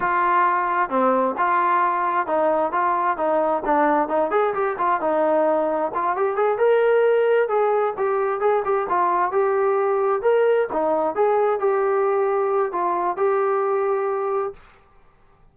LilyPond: \new Staff \with { instrumentName = "trombone" } { \time 4/4 \tempo 4 = 132 f'2 c'4 f'4~ | f'4 dis'4 f'4 dis'4 | d'4 dis'8 gis'8 g'8 f'8 dis'4~ | dis'4 f'8 g'8 gis'8 ais'4.~ |
ais'8 gis'4 g'4 gis'8 g'8 f'8~ | f'8 g'2 ais'4 dis'8~ | dis'8 gis'4 g'2~ g'8 | f'4 g'2. | }